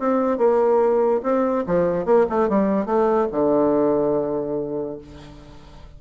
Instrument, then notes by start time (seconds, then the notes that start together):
bassoon
0.00 C4
0.38 A#3
1.23 C4
1.67 F3
2.06 A#3
2.30 A3
2.50 G3
2.86 A3
3.32 D3